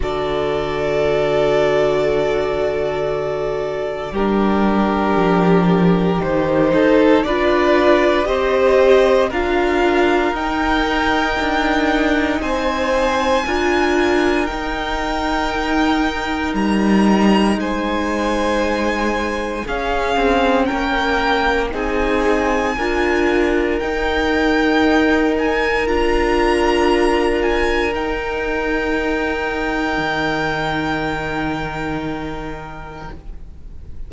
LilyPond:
<<
  \new Staff \with { instrumentName = "violin" } { \time 4/4 \tempo 4 = 58 d''1 | ais'2 c''4 d''4 | dis''4 f''4 g''2 | gis''2 g''2 |
ais''4 gis''2 f''4 | g''4 gis''2 g''4~ | g''8 gis''8 ais''4. gis''8 g''4~ | g''1 | }
  \new Staff \with { instrumentName = "violin" } { \time 4/4 a'1 | g'2~ g'8 a'8 b'4 | c''4 ais'2. | c''4 ais'2.~ |
ais'4 c''2 gis'4 | ais'4 gis'4 ais'2~ | ais'1~ | ais'1 | }
  \new Staff \with { instrumentName = "viola" } { \time 4/4 fis'1 | d'2 dis'4 f'4 | g'4 f'4 dis'2~ | dis'4 f'4 dis'2~ |
dis'2. cis'4~ | cis'4 dis'4 f'4 dis'4~ | dis'4 f'2 dis'4~ | dis'1 | }
  \new Staff \with { instrumentName = "cello" } { \time 4/4 d1 | g4 f4 dis8 dis'8 d'4 | c'4 d'4 dis'4 d'4 | c'4 d'4 dis'2 |
g4 gis2 cis'8 c'8 | ais4 c'4 d'4 dis'4~ | dis'4 d'2 dis'4~ | dis'4 dis2. | }
>>